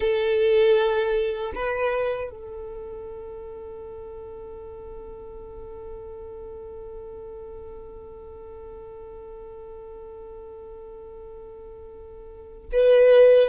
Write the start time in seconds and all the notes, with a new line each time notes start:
0.00 A4
1.54 B4
2.30 A4
12.72 B4